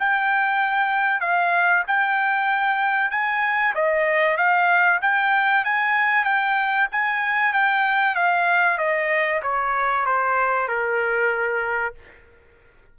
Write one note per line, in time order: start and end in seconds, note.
0.00 1.21 G5
1.21 1.84 F5
1.87 3.11 G5
3.11 3.75 G#5
3.75 4.38 D#5
4.38 5.01 F5
5.02 5.65 G5
5.65 6.25 G#5
6.25 6.88 G5
6.92 7.54 G#5
7.54 8.16 G5
8.16 8.78 F5
8.78 9.42 D#5
9.43 10.06 C#5
10.06 10.69 C5
10.69 11.95 A#4